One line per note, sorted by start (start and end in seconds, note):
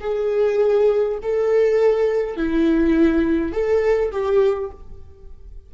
0.00 1.18 G#4
1.22 2.36 A4
2.36 3.52 E4
3.52 4.11 A4
4.11 4.70 G4